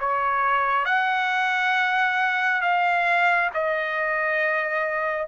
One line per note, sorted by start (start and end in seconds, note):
0.00 0.85 C#5
0.85 2.62 F#5
2.62 3.50 F5
3.54 5.28 D#5